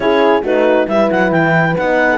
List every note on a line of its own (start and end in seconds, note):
0.00 0.42 C#4
0.00 0.43 E4
0.00 0.43 G#4
0.00 0.44 C#5
0.42 0.86 A3
0.42 0.87 D#4
0.42 0.87 F#4
0.42 0.88 B4
0.87 1.10 G3
0.87 1.75 E4
0.87 2.09 B4
0.87 1.10 E5
1.11 1.31 F#3
1.11 1.31 F#5
1.31 1.75 E3
1.31 1.75 G5
1.77 2.17 B3
1.77 2.17 D#4
1.77 2.17 F#5
2.10 2.17 A4